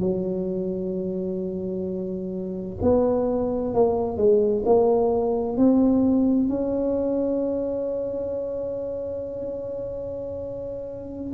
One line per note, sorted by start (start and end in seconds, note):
0.00 2.77 F#3
2.82 3.74 B3
3.74 4.17 A#3
4.17 4.63 G#3
4.65 5.57 A#3
5.57 6.49 C4
6.49 11.34 C#4